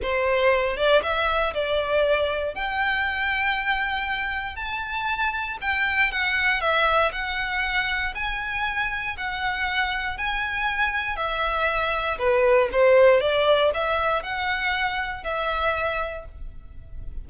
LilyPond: \new Staff \with { instrumentName = "violin" } { \time 4/4 \tempo 4 = 118 c''4. d''8 e''4 d''4~ | d''4 g''2.~ | g''4 a''2 g''4 | fis''4 e''4 fis''2 |
gis''2 fis''2 | gis''2 e''2 | b'4 c''4 d''4 e''4 | fis''2 e''2 | }